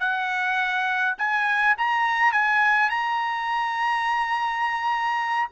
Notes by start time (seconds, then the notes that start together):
0.00 F#5
1.18 G#5
1.78 A#5
2.33 G#5
2.90 A#5